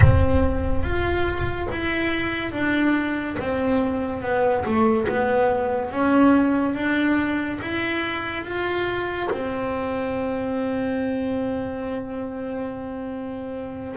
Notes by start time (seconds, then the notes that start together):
0.00 C4
0.83 F4
1.71 E4
2.52 D4
3.39 C4
4.22 B3
4.65 A3
5.08 B3
5.91 C#4
6.74 D4
7.61 E4
8.44 F4
9.30 C4